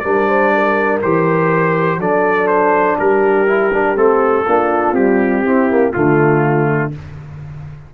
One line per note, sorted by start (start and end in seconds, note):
0.00 1.02 G3
0.00 1.02 D4
0.00 0.28 A#4
0.00 0.98 D5
0.28 0.53 C5
0.55 1.99 A#4
1.02 1.98 E3
1.02 2.01 G4
1.02 2.01 C5
1.98 2.96 F#3
1.98 3.47 D4
1.98 2.98 A4
1.98 2.47 D5
2.47 2.96 C5
2.99 3.97 G3
2.99 4.46 G4
2.99 3.97 A#4
3.47 3.71 E4
3.73 3.95 D4
3.95 4.46 A3
3.95 4.45 C4
3.95 4.95 A4
4.46 4.92 A#3
4.46 4.96 D4
4.46 5.43 F4
4.92 5.45 G3
4.92 5.90 C4
4.92 5.93 G4
5.43 5.70 C4
5.43 5.91 E4
5.70 5.94 A#3
5.91 6.94 D3
5.91 6.92 A3
5.91 6.89 F4
5.91 6.92 F4